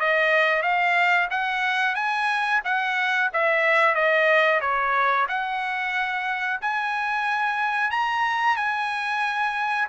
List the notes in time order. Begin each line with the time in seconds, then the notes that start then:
0.00 D#5
0.62 F5
1.30 F#5
1.95 G#5
2.64 F#5
3.33 E5
3.94 D#5
4.61 C#5
5.28 F#5
6.61 G#5
7.91 A#5
8.56 G#5